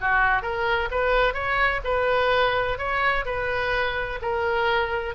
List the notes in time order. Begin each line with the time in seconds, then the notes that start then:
0.00 F#4
0.42 A#4
0.91 B4
1.33 C#5
1.84 B4
2.78 C#5
3.25 B4
4.21 A#4